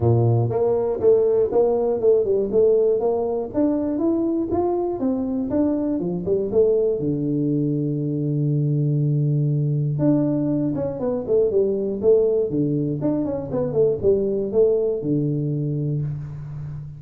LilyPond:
\new Staff \with { instrumentName = "tuba" } { \time 4/4 \tempo 4 = 120 ais,4 ais4 a4 ais4 | a8 g8 a4 ais4 d'4 | e'4 f'4 c'4 d'4 | f8 g8 a4 d2~ |
d1 | d'4. cis'8 b8 a8 g4 | a4 d4 d'8 cis'8 b8 a8 | g4 a4 d2 | }